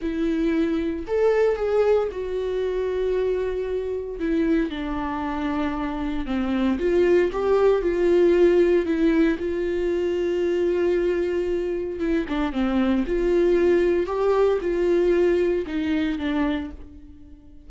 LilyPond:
\new Staff \with { instrumentName = "viola" } { \time 4/4 \tempo 4 = 115 e'2 a'4 gis'4 | fis'1 | e'4 d'2. | c'4 f'4 g'4 f'4~ |
f'4 e'4 f'2~ | f'2. e'8 d'8 | c'4 f'2 g'4 | f'2 dis'4 d'4 | }